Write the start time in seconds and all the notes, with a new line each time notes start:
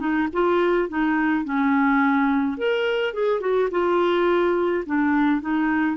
0.00 D#4
0.33 F4
0.89 D#4
1.45 C#4
2.58 A#4
3.14 G#4
3.41 F#4
3.71 F4
4.87 D4
5.42 D#4